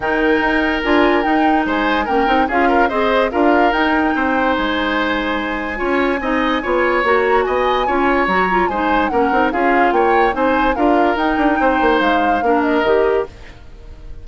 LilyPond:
<<
  \new Staff \with { instrumentName = "flute" } { \time 4/4 \tempo 4 = 145 g''2 gis''4 g''4 | gis''4 g''4 f''4 dis''4 | f''4 g''2 gis''4~ | gis''1~ |
gis''4 ais''4 gis''2 | ais''4 gis''4 fis''4 f''4 | g''4 gis''4 f''4 g''4~ | g''4 f''4. dis''4. | }
  \new Staff \with { instrumentName = "oboe" } { \time 4/4 ais'1 | c''4 ais'4 gis'8 ais'8 c''4 | ais'2 c''2~ | c''2 cis''4 dis''4 |
cis''2 dis''4 cis''4~ | cis''4 c''4 ais'4 gis'4 | cis''4 c''4 ais'2 | c''2 ais'2 | }
  \new Staff \with { instrumentName = "clarinet" } { \time 4/4 dis'2 f'4 dis'4~ | dis'4 cis'8 dis'8 f'4 gis'4 | f'4 dis'2.~ | dis'2 f'4 dis'4 |
f'4 fis'2 f'4 | fis'8 f'8 dis'4 cis'8 dis'8 f'4~ | f'4 dis'4 f'4 dis'4~ | dis'2 d'4 g'4 | }
  \new Staff \with { instrumentName = "bassoon" } { \time 4/4 dis4 dis'4 d'4 dis'4 | gis4 ais8 c'8 cis'4 c'4 | d'4 dis'4 c'4 gis4~ | gis2 cis'4 c'4 |
b4 ais4 b4 cis'4 | fis4 gis4 ais8 c'8 cis'4 | ais4 c'4 d'4 dis'8 d'8 | c'8 ais8 gis4 ais4 dis4 | }
>>